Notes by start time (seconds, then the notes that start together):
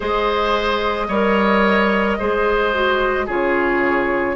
0.00 G#3 G#4 C5 D#5
1.08 G3 A#4 C#5
2.18 G#3 G#4 C5
2.73 F#4
3.26 C#3 F4 G#4 C#5